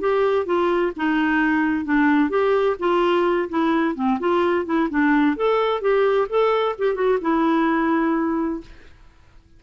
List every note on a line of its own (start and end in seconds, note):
0.00 0.46 G4
0.46 0.92 F4
0.96 1.85 D#4
1.85 2.30 D4
2.30 2.76 G4
2.79 3.49 F4
3.49 3.96 E4
3.96 4.19 C4
4.20 4.66 F4
4.66 4.89 E4
4.90 5.36 D4
5.36 5.81 A4
5.81 6.28 G4
6.29 6.76 A4
6.78 6.95 G4
6.95 7.18 F#4
7.21 8.61 E4